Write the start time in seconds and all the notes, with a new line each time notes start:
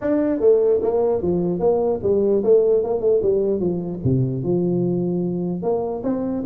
0.01 D4
0.40 A3
0.82 A#3
1.22 F3
1.59 A#3
2.02 G3
2.43 A3
2.83 A#3
3.00 A3
3.22 G3
3.59 F3
4.04 C3
4.43 F3
5.62 A#3
6.03 C4